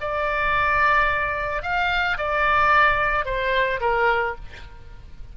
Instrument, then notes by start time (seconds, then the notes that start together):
oboe
0.00 D5
1.62 F5
2.17 D5
3.25 C5
3.80 A#4